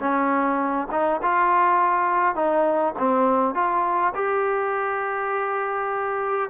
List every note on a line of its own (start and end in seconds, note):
0.00 0.88 C#4
0.92 1.21 D#4
1.22 2.36 F4
2.36 2.95 D#4
2.99 3.55 C4
3.55 4.14 F4
4.15 6.50 G4